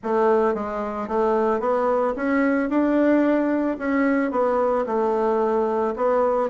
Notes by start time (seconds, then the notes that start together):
0.03 A3
0.54 G#3
1.08 A3
1.60 B3
2.15 C#4
2.69 D4
3.78 C#4
4.31 B3
4.86 A3
5.96 B3